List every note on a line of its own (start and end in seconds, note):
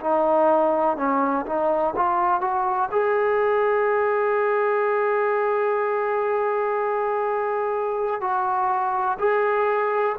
0.00 0.97 D#4
0.97 1.45 C#4
1.46 1.94 D#4
1.96 2.41 F4
2.41 2.89 F#4
2.91 8.21 G#4
8.21 9.18 F#4
9.18 10.15 G#4